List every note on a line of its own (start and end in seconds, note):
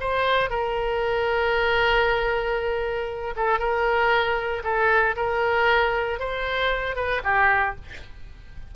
0.00 0.49 C5
0.49 3.34 A#4
3.36 3.59 A4
3.59 4.62 A#4
4.63 5.15 A4
5.16 6.19 A#4
6.19 6.95 C5
6.95 7.21 B4
7.23 7.75 G4